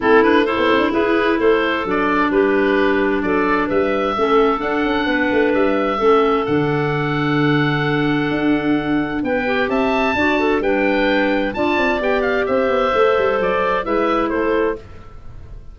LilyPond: <<
  \new Staff \with { instrumentName = "oboe" } { \time 4/4 \tempo 4 = 130 a'8 b'8 c''4 b'4 c''4 | d''4 b'2 d''4 | e''2 fis''2 | e''2 fis''2~ |
fis''1 | g''4 a''2 g''4~ | g''4 a''4 g''8 f''8 e''4~ | e''4 d''4 e''4 c''4 | }
  \new Staff \with { instrumentName = "clarinet" } { \time 4/4 e'4 a'4 gis'4 a'4~ | a'4 g'2 a'4 | b'4 a'2 b'4~ | b'4 a'2.~ |
a'1 | b'4 e''4 d''8 a'8 b'4~ | b'4 d''2 c''4~ | c''2 b'4 a'4 | }
  \new Staff \with { instrumentName = "clarinet" } { \time 4/4 c'8 d'8 e'2. | d'1~ | d'4 cis'4 d'2~ | d'4 cis'4 d'2~ |
d'1~ | d'8 g'4. fis'4 d'4~ | d'4 f'4 g'2 | a'2 e'2 | }
  \new Staff \with { instrumentName = "tuba" } { \time 4/4 a4~ a16 b16 c'16 d'16 e'4 a4 | fis4 g2 fis4 | g4 a4 d'8 cis'8 b8 a8 | g4 a4 d2~ |
d2 d'2 | b4 c'4 d'4 g4~ | g4 d'8 c'8 b4 c'8 b8 | a8 g8 fis4 gis4 a4 | }
>>